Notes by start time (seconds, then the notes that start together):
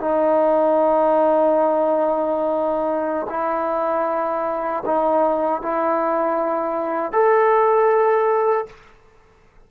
0.00 D#4
3.30 E4
4.86 D#4
5.63 E4
7.13 A4